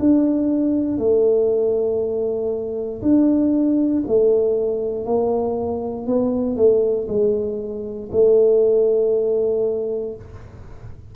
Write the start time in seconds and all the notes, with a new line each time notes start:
0.00 D4
0.98 A3
3.02 D4
4.08 A3
5.06 A#3
6.07 B3
6.56 A3
7.09 G#3
8.13 A3